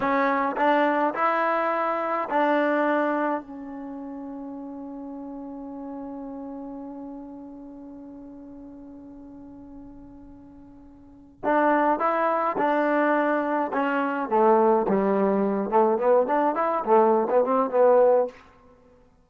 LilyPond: \new Staff \with { instrumentName = "trombone" } { \time 4/4 \tempo 4 = 105 cis'4 d'4 e'2 | d'2 cis'2~ | cis'1~ | cis'1~ |
cis'1 | d'4 e'4 d'2 | cis'4 a4 g4. a8 | b8 d'8 e'8 a8. b16 c'8 b4 | }